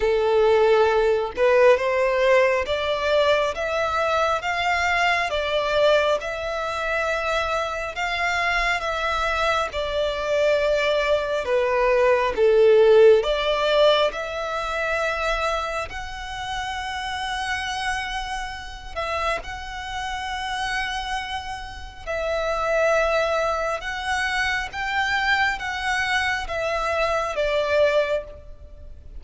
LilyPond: \new Staff \with { instrumentName = "violin" } { \time 4/4 \tempo 4 = 68 a'4. b'8 c''4 d''4 | e''4 f''4 d''4 e''4~ | e''4 f''4 e''4 d''4~ | d''4 b'4 a'4 d''4 |
e''2 fis''2~ | fis''4. e''8 fis''2~ | fis''4 e''2 fis''4 | g''4 fis''4 e''4 d''4 | }